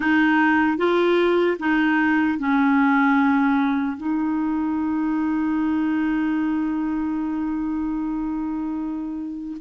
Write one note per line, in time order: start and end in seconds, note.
0.00 0.77 D#4
0.77 1.57 F4
1.59 2.39 D#4
2.39 3.97 C#4
3.97 9.57 D#4